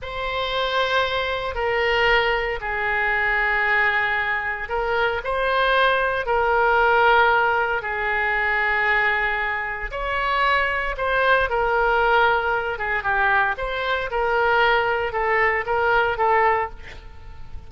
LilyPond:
\new Staff \with { instrumentName = "oboe" } { \time 4/4 \tempo 4 = 115 c''2. ais'4~ | ais'4 gis'2.~ | gis'4 ais'4 c''2 | ais'2. gis'4~ |
gis'2. cis''4~ | cis''4 c''4 ais'2~ | ais'8 gis'8 g'4 c''4 ais'4~ | ais'4 a'4 ais'4 a'4 | }